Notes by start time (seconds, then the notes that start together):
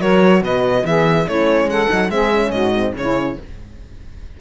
0.00 F#3 F#4 A#4 C#5
0.41 B2 B4 D#5
0.85 E3 B3 G#4 E5
1.27 A3 C#4 E4 C#5
1.66 G#3 A4 F#5
1.88 F#3 D#4
2.09 G#3 C4 G#4 E5
2.32 C#4
2.51 G#2 F#4 D#5
2.74 C4
2.95 C#3 C#4 E4 C#5